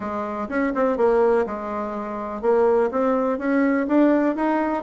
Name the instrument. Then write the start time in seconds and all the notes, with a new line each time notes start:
bassoon
0.00 G#3
0.48 C#4
0.75 C4
0.97 A#3
1.46 G#3
2.41 A#3
2.91 C4
3.38 C#4
3.87 D4
4.35 D#4